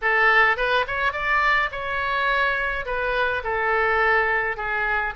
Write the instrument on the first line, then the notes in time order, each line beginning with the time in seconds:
oboe
0.01 A4
0.56 B4
0.87 C#5
1.12 D5
1.71 C#5
2.85 B4
3.43 A4
4.57 G#4